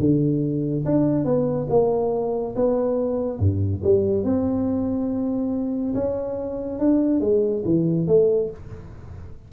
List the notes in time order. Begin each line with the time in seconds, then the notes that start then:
0.00 D3
0.85 D4
1.25 B3
1.70 A#3
2.56 B3
3.39 G2
3.84 G3
4.24 C4
5.95 C#4
6.79 D4
7.21 G#3
7.65 E3
8.08 A3